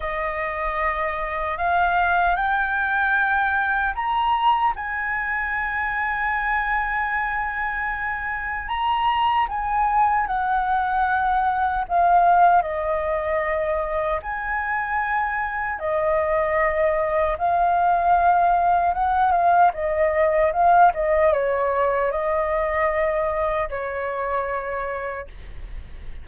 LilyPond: \new Staff \with { instrumentName = "flute" } { \time 4/4 \tempo 4 = 76 dis''2 f''4 g''4~ | g''4 ais''4 gis''2~ | gis''2. ais''4 | gis''4 fis''2 f''4 |
dis''2 gis''2 | dis''2 f''2 | fis''8 f''8 dis''4 f''8 dis''8 cis''4 | dis''2 cis''2 | }